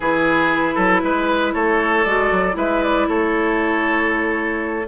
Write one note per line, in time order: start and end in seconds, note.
0.00 0.75 E3
0.00 2.07 E4
0.00 0.74 G#4
0.00 1.53 B4
0.74 1.02 F#3
0.74 1.00 A4
1.02 1.54 G#3
1.02 1.53 B4
1.53 2.05 A3
1.53 2.56 A4
1.53 2.04 C#5
2.04 2.31 G#3
2.04 2.52 F#4
2.04 2.55 D5
2.31 2.56 F#3
2.52 3.07 G#3
2.52 4.83 E4
2.52 3.08 B4
2.52 2.82 E5
2.82 3.08 D5
3.08 4.87 A3
3.08 4.87 A4
3.08 4.87 C#5